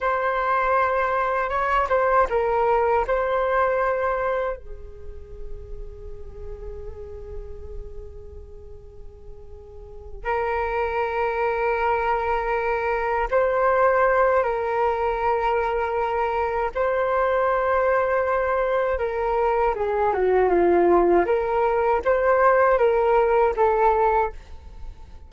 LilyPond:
\new Staff \with { instrumentName = "flute" } { \time 4/4 \tempo 4 = 79 c''2 cis''8 c''8 ais'4 | c''2 gis'2~ | gis'1~ | gis'4. ais'2~ ais'8~ |
ais'4. c''4. ais'4~ | ais'2 c''2~ | c''4 ais'4 gis'8 fis'8 f'4 | ais'4 c''4 ais'4 a'4 | }